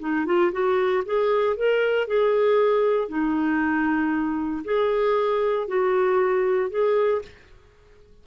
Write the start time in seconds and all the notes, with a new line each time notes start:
0.00 D#4
0.26 F4
0.52 F#4
1.06 G#4
1.57 A#4
2.08 G#4
3.09 D#4
4.65 G#4
5.68 F#4
6.71 G#4